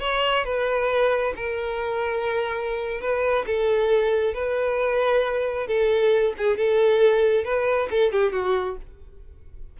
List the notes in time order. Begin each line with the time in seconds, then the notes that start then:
0.00 C#5
0.44 B4
1.36 A#4
3.01 B4
3.46 A4
4.34 B4
5.67 A4
6.37 G#4
6.57 A4
7.44 B4
7.91 A4
8.12 G4
8.33 F#4